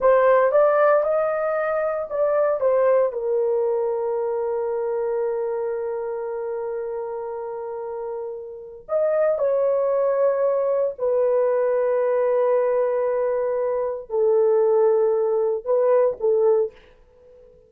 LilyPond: \new Staff \with { instrumentName = "horn" } { \time 4/4 \tempo 4 = 115 c''4 d''4 dis''2 | d''4 c''4 ais'2~ | ais'1~ | ais'1~ |
ais'4 dis''4 cis''2~ | cis''4 b'2.~ | b'2. a'4~ | a'2 b'4 a'4 | }